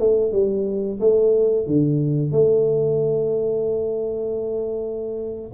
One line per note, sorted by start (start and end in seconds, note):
0.00 0.32 A3
0.32 1.00 G3
1.01 1.67 A3
1.67 2.32 D3
2.32 5.53 A3